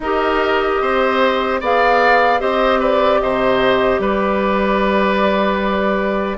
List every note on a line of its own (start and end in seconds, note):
0.00 0.78 D#4
0.00 1.62 G4
0.00 0.82 A#4
0.00 1.61 D#5
0.81 1.61 C4
0.81 1.60 C5
1.60 2.41 B3
1.60 2.39 G#4
1.60 2.40 D5
1.60 2.40 F5
2.39 3.21 C4
2.39 6.37 G4
2.39 2.79 C5
2.39 2.80 D#5
2.79 3.19 B4
2.79 3.21 D5
3.21 3.98 C3
3.21 4.01 C5
3.21 4.00 D#5
3.98 6.37 G3
3.98 6.37 B4
3.98 6.37 D5